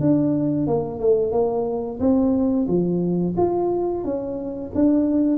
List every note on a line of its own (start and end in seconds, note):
0.00 0.67 D4
0.67 0.99 A#3
0.99 1.31 A3
1.31 1.99 A#3
1.99 2.67 C4
2.68 3.35 F3
3.37 4.04 F4
4.04 4.71 C#4
4.74 5.37 D4